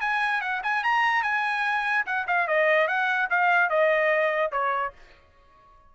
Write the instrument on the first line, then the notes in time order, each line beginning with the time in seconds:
trumpet
0.00 G#5
0.41 F#5
0.63 G#5
0.83 A#5
1.23 G#5
2.05 F#5
2.27 F5
2.47 D#5
2.87 F#5
3.30 F5
3.69 D#5
4.51 C#5